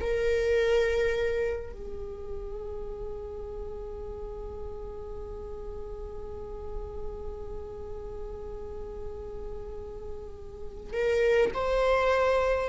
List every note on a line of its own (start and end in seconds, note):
0.00 1.72 A#4
1.72 10.93 G#4
10.93 11.51 A#4
11.54 12.69 C5